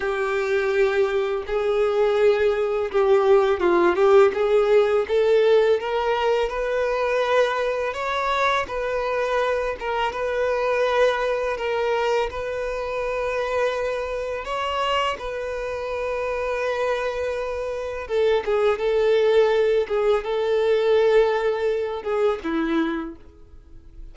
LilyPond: \new Staff \with { instrumentName = "violin" } { \time 4/4 \tempo 4 = 83 g'2 gis'2 | g'4 f'8 g'8 gis'4 a'4 | ais'4 b'2 cis''4 | b'4. ais'8 b'2 |
ais'4 b'2. | cis''4 b'2.~ | b'4 a'8 gis'8 a'4. gis'8 | a'2~ a'8 gis'8 e'4 | }